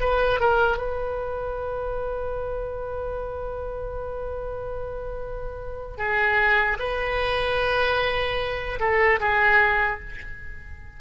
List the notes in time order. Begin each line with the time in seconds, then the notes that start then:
0.00 B4
0.40 A#4
0.77 B4
5.97 G#4
6.79 B4
8.80 A4
9.20 G#4